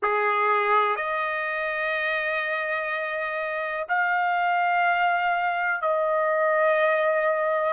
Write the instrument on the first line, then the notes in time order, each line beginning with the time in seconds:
trumpet
0.02 G#4
0.95 D#5
3.88 F5
5.81 D#5